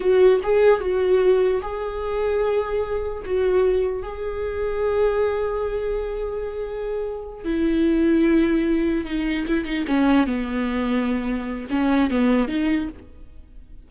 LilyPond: \new Staff \with { instrumentName = "viola" } { \time 4/4 \tempo 4 = 149 fis'4 gis'4 fis'2 | gis'1 | fis'2 gis'2~ | gis'1~ |
gis'2~ gis'8 e'4.~ | e'2~ e'8 dis'4 e'8 | dis'8 cis'4 b2~ b8~ | b4 cis'4 b4 dis'4 | }